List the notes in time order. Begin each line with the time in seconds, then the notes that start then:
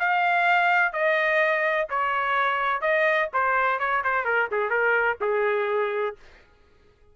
0.00 F5
0.93 D#5
1.90 C#5
2.82 D#5
3.34 C5
3.80 C#5
4.05 C5
4.25 A#4
4.52 G#4
4.70 A#4
5.21 G#4